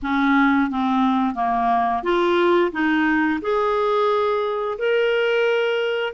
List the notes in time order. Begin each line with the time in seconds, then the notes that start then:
0.02 C#4
0.70 C4
1.35 A#3
2.03 F4
2.71 D#4
3.41 G#4
4.78 A#4